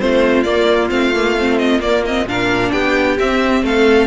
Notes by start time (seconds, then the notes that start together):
0.00 A3 C4 F4 C5
0.43 A#3 D5
0.90 A3 C4 F5
1.15 A#3
1.39 C4
1.59 D#5
1.80 A#3 D5
2.06 C4 D#5
2.25 A#2 D4 A#4 F5
2.72 B3 G4 G5
3.19 C4 E5
3.63 A3 A4 F5